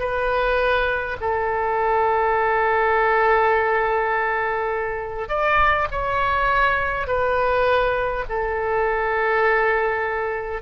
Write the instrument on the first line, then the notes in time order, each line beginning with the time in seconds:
oboe
0.00 B4
1.21 A4
5.29 D5
5.91 C#5
7.07 B4
8.29 A4